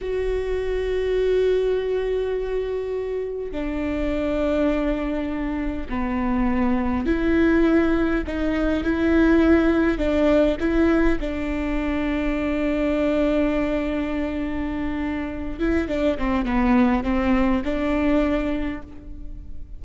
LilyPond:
\new Staff \with { instrumentName = "viola" } { \time 4/4 \tempo 4 = 102 fis'1~ | fis'2 d'2~ | d'2 b2 | e'2 dis'4 e'4~ |
e'4 d'4 e'4 d'4~ | d'1~ | d'2~ d'8 e'8 d'8 c'8 | b4 c'4 d'2 | }